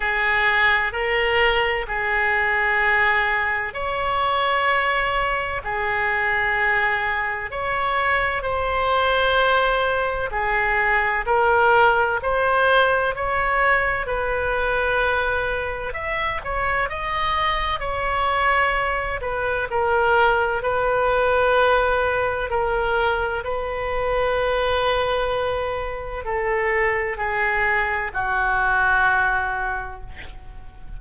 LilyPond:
\new Staff \with { instrumentName = "oboe" } { \time 4/4 \tempo 4 = 64 gis'4 ais'4 gis'2 | cis''2 gis'2 | cis''4 c''2 gis'4 | ais'4 c''4 cis''4 b'4~ |
b'4 e''8 cis''8 dis''4 cis''4~ | cis''8 b'8 ais'4 b'2 | ais'4 b'2. | a'4 gis'4 fis'2 | }